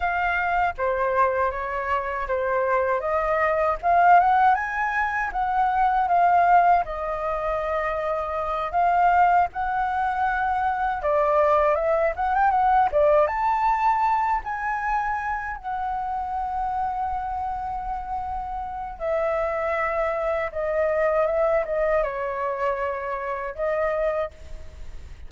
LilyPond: \new Staff \with { instrumentName = "flute" } { \time 4/4 \tempo 4 = 79 f''4 c''4 cis''4 c''4 | dis''4 f''8 fis''8 gis''4 fis''4 | f''4 dis''2~ dis''8 f''8~ | f''8 fis''2 d''4 e''8 |
fis''16 g''16 fis''8 d''8 a''4. gis''4~ | gis''8 fis''2.~ fis''8~ | fis''4 e''2 dis''4 | e''8 dis''8 cis''2 dis''4 | }